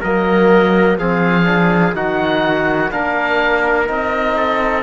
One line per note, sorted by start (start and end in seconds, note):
0.00 0.98 F#3
0.00 1.00 A#3
0.00 0.97 A#4
0.00 0.98 D#5
0.98 1.94 F3
0.98 1.44 C4
0.98 1.96 G#4
0.98 1.95 F5
1.44 1.92 D4
1.94 2.91 D#3
1.94 2.91 D#4
1.94 2.92 F#4
1.94 2.91 F#5
2.91 3.89 A#3
2.91 3.87 D4
2.91 4.36 A#4
2.91 3.88 F5
3.87 4.83 C4
3.87 4.83 D#4
3.87 4.83 D#5
4.36 4.83 A4